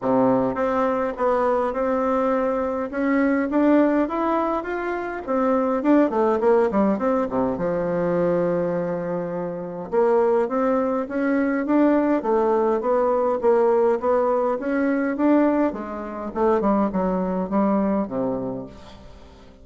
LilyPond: \new Staff \with { instrumentName = "bassoon" } { \time 4/4 \tempo 4 = 103 c4 c'4 b4 c'4~ | c'4 cis'4 d'4 e'4 | f'4 c'4 d'8 a8 ais8 g8 | c'8 c8 f2.~ |
f4 ais4 c'4 cis'4 | d'4 a4 b4 ais4 | b4 cis'4 d'4 gis4 | a8 g8 fis4 g4 c4 | }